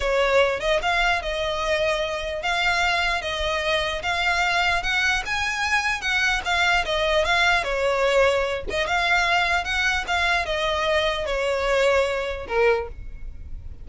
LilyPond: \new Staff \with { instrumentName = "violin" } { \time 4/4 \tempo 4 = 149 cis''4. dis''8 f''4 dis''4~ | dis''2 f''2 | dis''2 f''2 | fis''4 gis''2 fis''4 |
f''4 dis''4 f''4 cis''4~ | cis''4. dis''8 f''2 | fis''4 f''4 dis''2 | cis''2. ais'4 | }